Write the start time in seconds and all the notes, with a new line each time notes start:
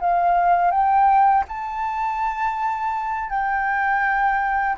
0.00 F5
0.71 G5
1.48 A5
3.30 G5